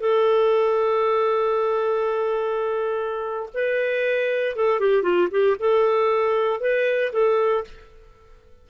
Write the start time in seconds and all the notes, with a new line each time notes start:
0.00 A4
3.54 B4
4.56 A4
4.80 G4
5.02 F4
5.31 G4
5.59 A4
6.60 B4
7.12 A4